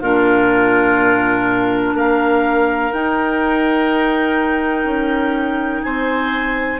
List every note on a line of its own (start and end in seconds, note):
0.00 1.94 A#2
0.00 2.93 D4
0.00 1.94 F4
0.00 1.96 A#4
1.94 2.91 A#3
1.94 5.82 A#4
1.94 2.93 F5
2.93 4.84 D#4
2.93 6.80 D#4
2.93 5.83 G5
4.84 5.81 C#4
5.83 6.80 C4
5.83 6.80 C5
5.83 6.80 G#5